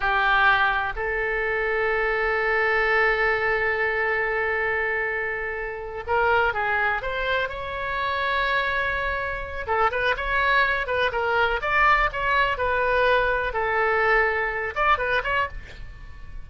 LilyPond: \new Staff \with { instrumentName = "oboe" } { \time 4/4 \tempo 4 = 124 g'2 a'2~ | a'1~ | a'1~ | a'8 ais'4 gis'4 c''4 cis''8~ |
cis''1 | a'8 b'8 cis''4. b'8 ais'4 | d''4 cis''4 b'2 | a'2~ a'8 d''8 b'8 cis''8 | }